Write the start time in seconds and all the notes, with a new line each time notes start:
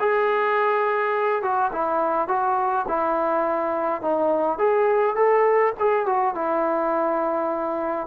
0.00 G#4
1.43 F#4
1.73 E4
2.28 F#4
2.88 E4
4.02 D#4
4.59 G#4
5.16 A4
5.80 G#4
6.06 F#4
6.35 E4